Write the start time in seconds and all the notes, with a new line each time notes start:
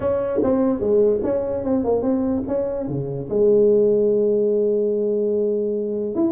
0.00 C#4
0.42 C4
0.80 G#3
1.23 C#4
1.63 C4
1.84 A#3
2.01 C4
2.47 C#4
2.88 C#3
3.29 G#3
6.15 E4